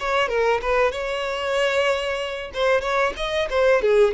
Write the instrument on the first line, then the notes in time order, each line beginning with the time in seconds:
violin
0.00 C#5
0.29 A#4
0.62 B4
0.92 C#5
2.54 C5
2.81 C#5
3.17 D#5
3.50 C5
3.82 G#4